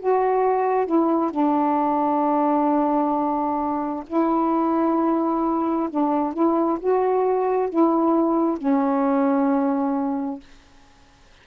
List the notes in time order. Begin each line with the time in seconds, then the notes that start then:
0.00 F#4
0.86 E4
1.31 D4
4.07 E4
5.90 D4
6.34 E4
6.81 F#4
7.70 E4
8.58 C#4